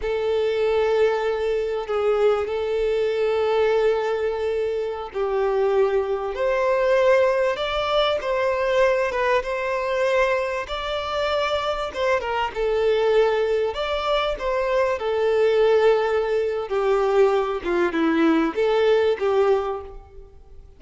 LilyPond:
\new Staff \with { instrumentName = "violin" } { \time 4/4 \tempo 4 = 97 a'2. gis'4 | a'1~ | a'16 g'2 c''4.~ c''16~ | c''16 d''4 c''4. b'8 c''8.~ |
c''4~ c''16 d''2 c''8 ais'16~ | ais'16 a'2 d''4 c''8.~ | c''16 a'2~ a'8. g'4~ | g'8 f'8 e'4 a'4 g'4 | }